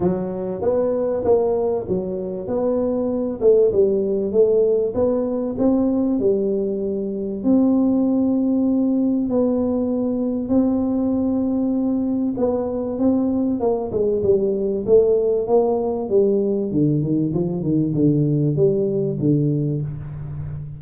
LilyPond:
\new Staff \with { instrumentName = "tuba" } { \time 4/4 \tempo 4 = 97 fis4 b4 ais4 fis4 | b4. a8 g4 a4 | b4 c'4 g2 | c'2. b4~ |
b4 c'2. | b4 c'4 ais8 gis8 g4 | a4 ais4 g4 d8 dis8 | f8 dis8 d4 g4 d4 | }